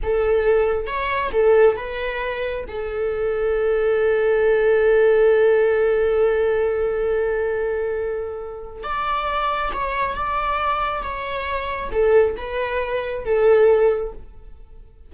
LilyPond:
\new Staff \with { instrumentName = "viola" } { \time 4/4 \tempo 4 = 136 a'2 cis''4 a'4 | b'2 a'2~ | a'1~ | a'1~ |
a'1 | d''2 cis''4 d''4~ | d''4 cis''2 a'4 | b'2 a'2 | }